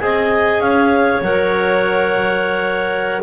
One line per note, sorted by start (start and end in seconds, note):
0.00 0.59 C4
0.00 1.23 G#4
0.00 0.63 D#5
0.00 0.61 G#5
0.59 1.21 C#4
0.59 3.23 C#5
0.59 1.22 F5
1.22 3.21 F#3
1.22 3.23 A#4
1.22 3.22 F#5